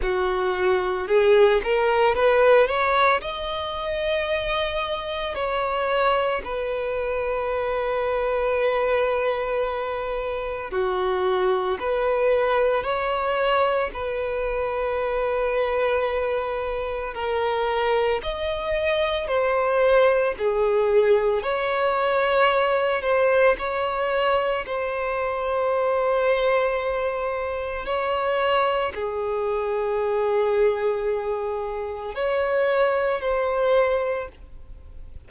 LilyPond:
\new Staff \with { instrumentName = "violin" } { \time 4/4 \tempo 4 = 56 fis'4 gis'8 ais'8 b'8 cis''8 dis''4~ | dis''4 cis''4 b'2~ | b'2 fis'4 b'4 | cis''4 b'2. |
ais'4 dis''4 c''4 gis'4 | cis''4. c''8 cis''4 c''4~ | c''2 cis''4 gis'4~ | gis'2 cis''4 c''4 | }